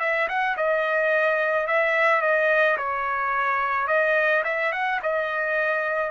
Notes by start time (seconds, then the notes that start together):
0.00 E5
0.29 F#5
0.57 D#5
1.67 E5
2.22 D#5
2.78 C#5
3.87 D#5
4.44 E5
4.72 F#5
5.03 D#5